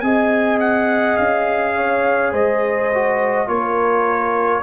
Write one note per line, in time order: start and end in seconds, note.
0.00 1.17 C4
0.00 2.92 G#4
0.00 1.75 D#5
0.00 0.58 G#5
0.60 1.17 F#5
1.17 2.33 C#4
1.17 2.32 F5
1.75 2.32 C#5
2.32 3.48 G#3
2.32 3.48 C5
2.32 3.48 D#5
2.94 3.47 F#4
3.47 4.63 A#3
3.47 4.62 F4
3.47 4.63 A#4
3.47 4.63 C#5